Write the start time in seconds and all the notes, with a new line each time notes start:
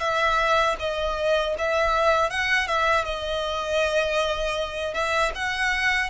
0.00 E5
0.79 D#5
1.58 E5
2.30 F#5
2.68 E5
3.05 D#5
4.94 E5
5.35 F#5